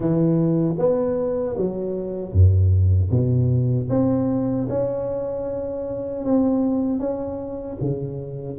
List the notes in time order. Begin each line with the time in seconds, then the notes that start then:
0.00 E3
0.78 B3
1.57 F#3
2.32 F#2
3.10 B2
3.89 C4
4.69 C#4
6.24 C4
6.99 C#4
7.81 C#3